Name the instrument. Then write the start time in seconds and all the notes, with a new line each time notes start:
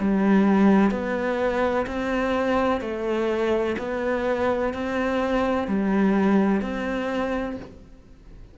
cello
0.00 G3
0.91 B3
1.87 C4
2.81 A3
3.78 B3
4.74 C4
5.68 G3
6.61 C4